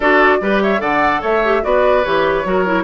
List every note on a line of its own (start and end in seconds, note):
0.00 0.40 D4
0.00 0.41 F#4
0.00 0.37 A4
0.00 0.61 D5
0.41 0.81 G3
0.41 0.78 G4
0.41 0.62 B4
0.62 0.80 C#5
0.62 0.81 E5
0.78 1.22 D3
0.78 1.39 A4
0.78 1.21 D5
0.78 1.22 F#5
1.21 1.63 A3
1.21 1.62 C#5
1.21 1.63 E5
1.44 1.62 G4
1.62 2.04 B3
1.62 2.03 F#4
1.62 2.47 B4
1.62 2.04 D5
2.04 2.45 E3
2.04 2.44 G4
2.04 2.83 C#5
2.44 2.83 F#3
2.44 2.64 F#4
2.44 2.83 A#4
2.65 2.83 E4